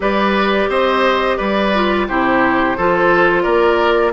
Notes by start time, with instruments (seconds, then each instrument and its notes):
0.00 bassoon G3, clarinet G4, oboe B4, flute D5
0.68 bassoon C4, oboe C5, flute D#5
1.37 bassoon G3, oboe B4, flute D5
1.74 clarinet F4
2.07 bassoon C3, clarinet E4, oboe G4, flute C5
2.77 bassoon F3, clarinet F4, oboe A4
3.42 bassoon A#3, oboe A#4, flute D5